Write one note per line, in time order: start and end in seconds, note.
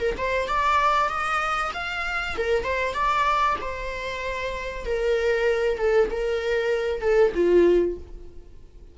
0.00 0.16 A#4
0.18 0.48 C5
0.48 1.09 D5
1.09 1.72 D#5
1.74 2.36 F5
2.37 2.64 A#4
2.64 2.94 C5
2.94 3.56 D5
3.61 4.86 C5
4.86 5.78 A#4
5.78 6.09 A4
6.11 7.01 A#4
7.01 7.32 A4
7.35 7.97 F4